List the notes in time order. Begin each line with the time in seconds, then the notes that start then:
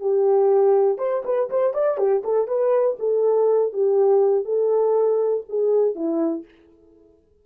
0.00 G4
0.98 C5
1.24 B4
1.50 C5
1.73 D5
1.97 G4
2.24 A4
2.47 B4
2.99 A4
3.73 G4
4.45 A4
5.49 G#4
5.95 E4